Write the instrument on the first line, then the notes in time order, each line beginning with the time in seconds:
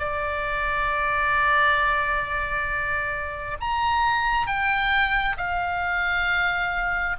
oboe
0.00 D5
3.61 A#5
4.47 G5
5.38 F5